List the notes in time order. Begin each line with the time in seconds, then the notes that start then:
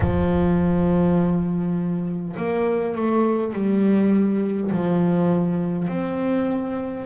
0.00 F3
2.36 A#3
2.95 A3
3.53 G3
4.71 F3
5.88 C4